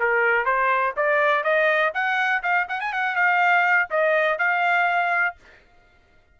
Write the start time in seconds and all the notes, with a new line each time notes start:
0.00 A#4
0.45 C5
0.97 D5
1.44 D#5
1.94 F#5
2.43 F5
2.69 F#5
2.81 G#5
2.93 F#5
3.16 F5
3.91 D#5
4.39 F5